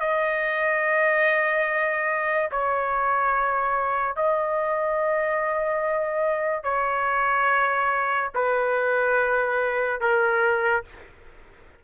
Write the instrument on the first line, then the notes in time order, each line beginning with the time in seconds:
trumpet
0.00 D#5
2.52 C#5
4.16 D#5
6.64 C#5
8.35 B4
10.01 A#4